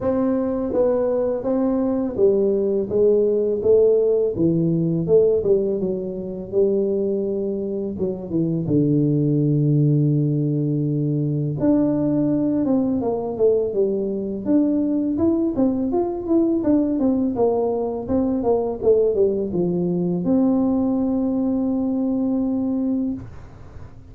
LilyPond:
\new Staff \with { instrumentName = "tuba" } { \time 4/4 \tempo 4 = 83 c'4 b4 c'4 g4 | gis4 a4 e4 a8 g8 | fis4 g2 fis8 e8 | d1 |
d'4. c'8 ais8 a8 g4 | d'4 e'8 c'8 f'8 e'8 d'8 c'8 | ais4 c'8 ais8 a8 g8 f4 | c'1 | }